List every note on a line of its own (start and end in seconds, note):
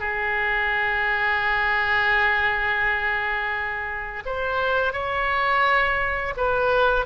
0.00 4.24 G#4
4.26 4.93 C5
4.93 6.34 C#5
6.37 7.06 B4